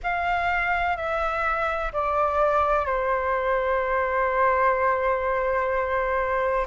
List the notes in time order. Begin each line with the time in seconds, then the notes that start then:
0.03 F5
0.96 E5
1.92 D5
2.85 C5